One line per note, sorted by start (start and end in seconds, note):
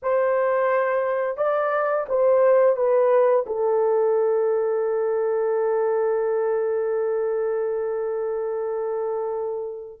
0.02 1.37 C5
1.37 2.06 D5
2.08 2.76 C5
2.76 3.45 B4
3.46 10.00 A4